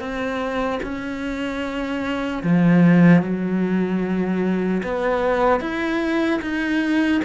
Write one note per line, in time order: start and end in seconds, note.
0.00 0.80 C4
0.83 2.43 C#4
2.44 3.23 F3
3.23 4.83 F#3
4.84 5.61 B3
5.61 6.41 E4
6.42 7.22 D#4